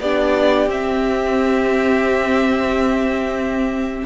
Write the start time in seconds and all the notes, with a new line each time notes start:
0.00 B3 D4 G4 D5
0.66 C4 E5